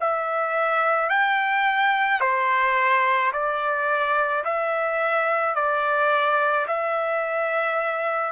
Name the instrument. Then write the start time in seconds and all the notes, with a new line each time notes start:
trumpet
0.00 E5
1.09 G5
2.21 C5
3.32 D5
4.44 E5
5.55 D5
6.67 E5